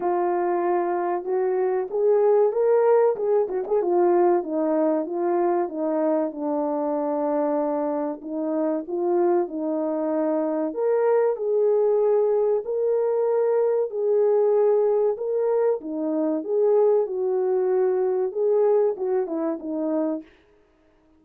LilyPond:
\new Staff \with { instrumentName = "horn" } { \time 4/4 \tempo 4 = 95 f'2 fis'4 gis'4 | ais'4 gis'8 fis'16 gis'16 f'4 dis'4 | f'4 dis'4 d'2~ | d'4 dis'4 f'4 dis'4~ |
dis'4 ais'4 gis'2 | ais'2 gis'2 | ais'4 dis'4 gis'4 fis'4~ | fis'4 gis'4 fis'8 e'8 dis'4 | }